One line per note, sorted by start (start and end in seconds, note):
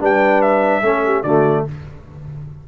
0.00 0.82 G3
0.00 0.83 D4
0.00 0.83 B4
0.00 0.42 G5
0.42 1.23 E5
0.82 1.23 A3
0.82 1.24 C#4
0.82 1.05 A4
1.05 1.24 G4
1.23 1.65 D3
1.23 1.68 A3
1.23 1.66 F#4
1.23 1.65 D5